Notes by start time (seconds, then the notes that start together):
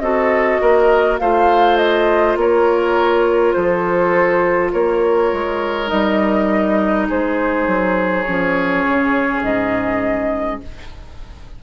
0.00 C4 F#4 A4 D#5
0.62 A#3 A#4
1.19 A3 F4 C5 F5
1.77 D#5
2.36 A#3 A#4 C#5
3.53 F3 A4 C5
4.73 A#3 A#4 C#5
5.33 G#3
5.87 G3 D#4 D#5
7.09 G#3 G#4 C5
7.68 F#3
8.24 F3 C#4 C#5
8.87 C#3
9.43 G#2 D#5